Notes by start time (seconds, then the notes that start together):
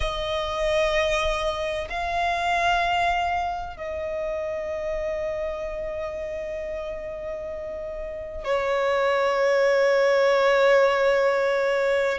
0.00 D#5
1.89 F5
3.77 D#5
8.44 C#5